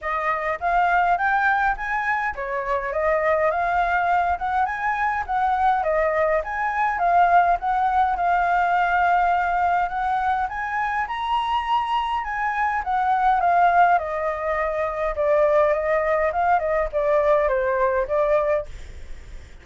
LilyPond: \new Staff \with { instrumentName = "flute" } { \time 4/4 \tempo 4 = 103 dis''4 f''4 g''4 gis''4 | cis''4 dis''4 f''4. fis''8 | gis''4 fis''4 dis''4 gis''4 | f''4 fis''4 f''2~ |
f''4 fis''4 gis''4 ais''4~ | ais''4 gis''4 fis''4 f''4 | dis''2 d''4 dis''4 | f''8 dis''8 d''4 c''4 d''4 | }